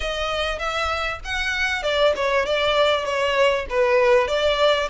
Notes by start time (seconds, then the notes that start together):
0.00 D#5
0.58 E5
1.24 F#5
1.83 D5
2.16 C#5
2.45 D5
3.04 C#5
3.69 B4
4.27 D5